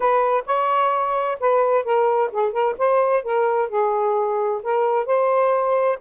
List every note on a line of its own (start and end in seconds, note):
0.00 0.44 B4
0.46 1.38 C#5
1.40 1.84 B4
1.84 2.30 A#4
2.32 2.52 G#4
2.52 2.75 A#4
2.78 3.23 C5
3.23 3.69 A#4
3.69 4.61 G#4
4.62 5.06 A#4
5.06 5.98 C5